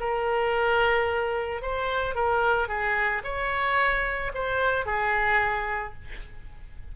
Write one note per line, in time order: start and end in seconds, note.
0.00 1.62 A#4
1.62 2.15 C5
2.15 2.68 A#4
2.68 3.22 G#4
3.24 4.32 C#5
4.35 4.86 C5
4.86 5.94 G#4